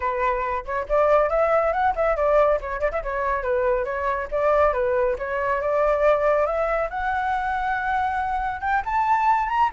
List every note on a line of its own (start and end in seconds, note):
0.00 0.65 B4
0.65 0.86 C#5
0.88 1.29 D5
1.29 1.72 E5
1.72 1.94 F#5
1.95 2.16 E5
2.16 2.59 D5
2.60 2.80 C#5
2.80 2.91 D5
2.91 3.02 E5
3.02 3.42 C#5
3.42 3.84 B4
3.84 4.28 C#5
4.31 4.73 D5
4.73 5.16 B4
5.18 5.61 C#5
5.61 6.46 D5
6.46 6.89 E5
6.89 8.61 F#5
8.61 8.82 G5
8.85 9.48 A5
9.48 9.70 A#5